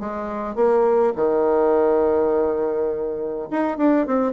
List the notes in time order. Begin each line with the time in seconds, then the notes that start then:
0.00 G#3
0.55 A#3
1.16 D#3
3.50 D#4
3.78 D4
4.07 C4